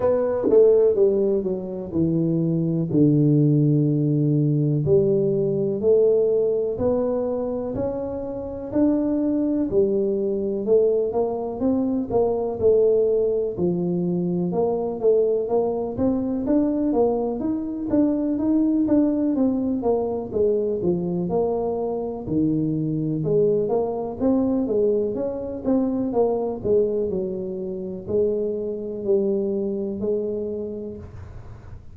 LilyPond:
\new Staff \with { instrumentName = "tuba" } { \time 4/4 \tempo 4 = 62 b8 a8 g8 fis8 e4 d4~ | d4 g4 a4 b4 | cis'4 d'4 g4 a8 ais8 | c'8 ais8 a4 f4 ais8 a8 |
ais8 c'8 d'8 ais8 dis'8 d'8 dis'8 d'8 | c'8 ais8 gis8 f8 ais4 dis4 | gis8 ais8 c'8 gis8 cis'8 c'8 ais8 gis8 | fis4 gis4 g4 gis4 | }